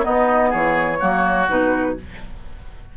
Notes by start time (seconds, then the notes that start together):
0.00 B3 D#4 D#5
0.49 E3 G#4 C#5
0.99 F#3 A#3 F#4
1.48 B2 D#4 B4